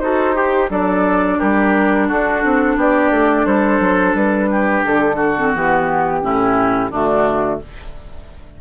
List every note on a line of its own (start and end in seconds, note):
0.00 0.70 D#4
0.00 0.34 F#4
0.00 0.36 A4
0.00 0.69 C5
0.34 0.69 G4
0.34 0.70 G4
0.69 1.39 F#3
0.69 5.35 D4
0.69 1.39 A4
0.69 1.40 D5
1.39 2.10 G3
1.39 2.08 G4
1.39 2.09 A#4
2.08 2.44 D4
2.08 2.77 F#4
2.08 2.79 A4
2.44 2.76 C4
2.76 3.11 B3
2.76 3.46 G4
2.76 3.46 D5
3.11 3.45 A3
3.45 3.80 G3
3.45 4.50 A4
3.45 4.15 C5
3.80 4.14 F#3
4.14 4.83 G3
4.14 4.84 B4
4.51 5.16 G4
4.85 5.54 D3
4.85 5.54 A4
5.16 6.19 F#4
5.37 5.54 C4
5.54 6.23 E3
5.54 6.22 B3
5.54 6.92 G4
6.22 6.91 A2
6.22 6.91 C#4
6.22 6.91 E4
6.91 7.60 D3
6.91 7.61 A3
6.91 7.60 D4
6.91 7.61 F#4